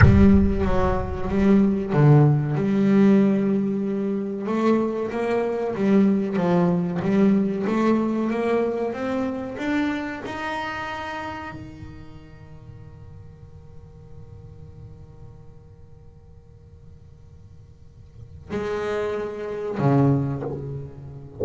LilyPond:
\new Staff \with { instrumentName = "double bass" } { \time 4/4 \tempo 4 = 94 g4 fis4 g4 d4 | g2. a4 | ais4 g4 f4 g4 | a4 ais4 c'4 d'4 |
dis'2 dis2~ | dis1~ | dis1~ | dis4 gis2 cis4 | }